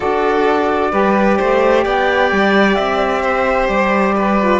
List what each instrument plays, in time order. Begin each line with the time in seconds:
0.00 cello D4, saxophone F#4, violin A4, flute D5
0.91 cello G3, saxophone G4, violin B4
1.38 cello A3, violin C5
1.83 cello B3, violin D5, flute G5
2.31 cello G3
2.75 cello C4, flute E5
3.22 violin C5
3.67 cello G3, flute D5
4.16 violin B4
4.39 saxophone F4